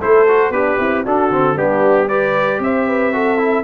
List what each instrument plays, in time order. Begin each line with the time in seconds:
0.00 tuba A3, trombone E4, horn A4, trumpet C5
0.28 trombone F#4
0.50 tuba B3, horn D4, trombone G4, trumpet B4
0.78 tuba C4, horn E4
1.04 tuba D4, trombone D4, horn F#4, trumpet A4
1.30 tuba D3, trombone C4
1.56 tuba G3, trombone B3, horn D4, trumpet G4
2.07 trombone G4, horn B4, trumpet D5
2.59 tuba C4, horn C5, trumpet E5
2.88 horn B4
3.13 trombone F#4, horn A4
3.38 trombone E4